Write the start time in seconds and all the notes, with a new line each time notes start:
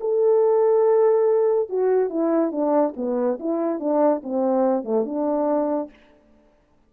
0.00 A4
1.69 F#4
2.09 E4
2.51 D4
2.96 B3
3.39 E4
3.79 D4
4.23 C4
4.84 A3
5.05 D4